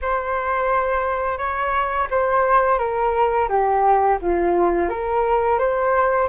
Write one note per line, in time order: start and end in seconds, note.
0.01 1.38 C5
1.38 2.07 C#5
2.10 2.78 C5
2.78 3.48 A#4
3.49 4.18 G4
4.21 4.89 F4
4.89 5.58 A#4
5.58 6.28 C5